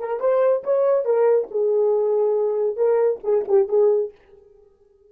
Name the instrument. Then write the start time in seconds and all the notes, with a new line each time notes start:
horn
0.00 A#4
0.20 C5
0.64 C#5
1.05 A#4
1.51 G#4
2.77 A#4
3.24 G#4
3.48 G4
3.69 G#4